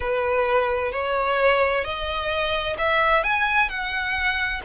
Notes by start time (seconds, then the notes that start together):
0.00 B4
0.91 C#5
1.84 D#5
2.77 E5
3.23 G#5
3.69 F#5